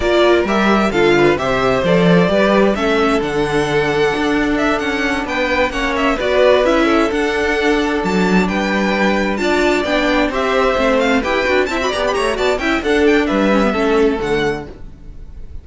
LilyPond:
<<
  \new Staff \with { instrumentName = "violin" } { \time 4/4 \tempo 4 = 131 d''4 e''4 f''4 e''4 | d''2 e''4 fis''4~ | fis''2 e''8 fis''4 g''8~ | g''8 fis''8 e''8 d''4 e''4 fis''8~ |
fis''4. a''4 g''4.~ | g''8 a''4 g''4 e''4. | f''8 g''4 a''16 b''16 ais''16 b''16 ais''8 a''8 g''8 | fis''8 g''8 e''2 fis''4 | }
  \new Staff \with { instrumentName = "violin" } { \time 4/4 ais'2 a'8 b'8 c''4~ | c''4 b'4 a'2~ | a'2.~ a'8 b'8~ | b'8 cis''4 b'4. a'4~ |
a'2~ a'8 b'4.~ | b'8 d''2 c''4.~ | c''8 b'4 e''8 d''8 cis''8 d''8 e''8 | a'4 b'4 a'2 | }
  \new Staff \with { instrumentName = "viola" } { \time 4/4 f'4 g'4 f'4 g'4 | a'4 g'4 cis'4 d'4~ | d'1~ | d'8 cis'4 fis'4 e'4 d'8~ |
d'1~ | d'8 f'4 d'4 g'4 c'8~ | c'8 g'8 fis'8 e'16 fis'16 g'4 fis'8 e'8 | d'4. cis'16 b16 cis'4 a4 | }
  \new Staff \with { instrumentName = "cello" } { \time 4/4 ais4 g4 d4 c4 | f4 g4 a4 d4~ | d4 d'4. cis'4 b8~ | b8 ais4 b4 cis'4 d'8~ |
d'4. fis4 g4.~ | g8 d'4 b4 c'4 a8~ | a8 e'8 d'8 c'8 b8 a8 b8 cis'8 | d'4 g4 a4 d4 | }
>>